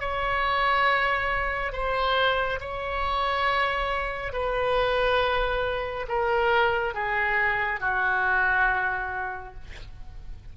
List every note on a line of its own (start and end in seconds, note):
0.00 1.73 C#5
1.73 2.60 C5
2.61 4.33 C#5
4.33 6.07 B4
6.09 6.95 A#4
6.95 7.81 G#4
7.81 9.55 F#4